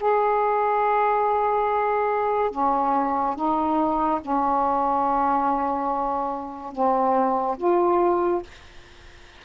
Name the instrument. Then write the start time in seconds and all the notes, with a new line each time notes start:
saxophone
0.00 G#4
2.51 C#4
3.35 D#4
4.21 C#4
6.72 C4
7.57 F4